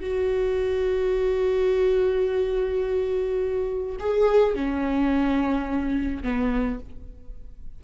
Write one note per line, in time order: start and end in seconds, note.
0.00 3.96 F#4
3.99 4.54 G#4
4.54 6.22 C#4
6.22 6.79 B3